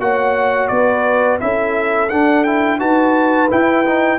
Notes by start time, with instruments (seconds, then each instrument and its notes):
0.00 tuba A#3, trombone F#4, horn C#5, trumpet F#5
0.68 tuba B3, horn B4, trumpet D5
1.40 tuba C#4, trombone E4, horn A4, trumpet E5
2.09 tuba D4, trombone D4, trumpet F#5
2.44 trombone E4, trumpet G5
2.79 tuba D#4, trombone F#4, horn B4, trumpet A5
3.50 trombone E4, tuba E4, trumpet G5
3.85 trombone D#4